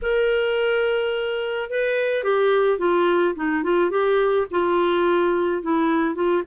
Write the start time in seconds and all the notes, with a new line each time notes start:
0.02 A#4
1.70 B4
2.23 G4
2.78 F4
3.35 D#4
3.63 F4
3.90 G4
4.50 F4
5.62 E4
6.14 F4